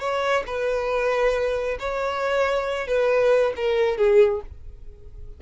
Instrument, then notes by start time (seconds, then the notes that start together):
violin
0.00 C#5
0.47 B4
1.80 C#5
2.88 B4
3.57 A#4
3.98 G#4